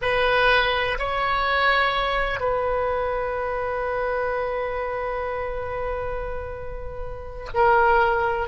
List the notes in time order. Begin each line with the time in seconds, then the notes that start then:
0.01 B4
0.99 C#5
2.40 B4
7.54 A#4